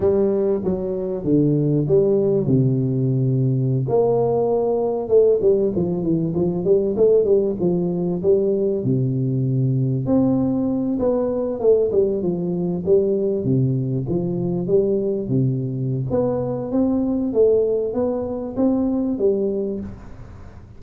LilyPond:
\new Staff \with { instrumentName = "tuba" } { \time 4/4 \tempo 4 = 97 g4 fis4 d4 g4 | c2~ c16 ais4.~ ais16~ | ais16 a8 g8 f8 e8 f8 g8 a8 g16~ | g16 f4 g4 c4.~ c16~ |
c16 c'4. b4 a8 g8 f16~ | f8. g4 c4 f4 g16~ | g8. c4~ c16 b4 c'4 | a4 b4 c'4 g4 | }